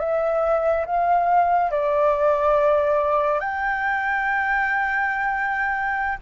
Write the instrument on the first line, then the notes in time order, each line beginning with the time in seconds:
flute
0.00 E5
0.86 F5
1.71 D5
3.40 G5